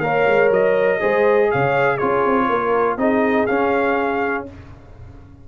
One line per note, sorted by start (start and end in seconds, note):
0.00 0.25 A#3
0.00 1.00 A#4
0.00 1.00 C#5
0.00 0.49 F5
0.27 0.50 G#3
0.50 1.00 F#3
0.50 1.51 D#5
1.00 1.52 G#3
1.00 1.99 G#4
1.00 1.49 C5
1.51 2.02 C#3
1.51 1.95 C#5
1.51 1.97 F5
1.95 2.98 F4
1.95 2.44 G#4
1.95 2.96 C#5
2.02 2.26 C#4
2.26 2.48 C4
2.48 2.97 A#3
2.48 2.97 A#4
2.97 3.46 C4
2.97 3.48 D#4
2.97 4.47 G#4
2.97 3.46 D#5
3.46 4.46 C#4
3.46 4.48 C#4
3.46 4.45 F5